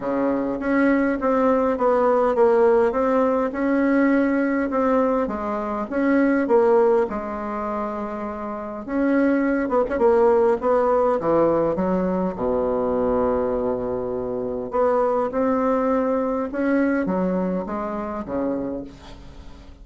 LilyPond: \new Staff \with { instrumentName = "bassoon" } { \time 4/4 \tempo 4 = 102 cis4 cis'4 c'4 b4 | ais4 c'4 cis'2 | c'4 gis4 cis'4 ais4 | gis2. cis'4~ |
cis'8 b16 cis'16 ais4 b4 e4 | fis4 b,2.~ | b,4 b4 c'2 | cis'4 fis4 gis4 cis4 | }